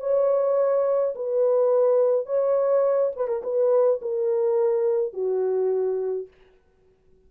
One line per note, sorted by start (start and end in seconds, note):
0.00 1.14 C#5
1.15 2.26 B4
2.26 3.12 C#5
3.16 3.28 B4
3.28 3.42 A#4
3.43 4.00 B4
4.01 5.13 A#4
5.13 6.27 F#4